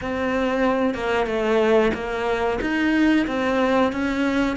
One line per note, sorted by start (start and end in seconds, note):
0.01 0.94 C4
0.94 1.26 A#3
1.26 1.91 A3
1.94 2.59 A#3
2.61 3.26 D#4
3.27 3.92 C4
3.92 4.56 C#4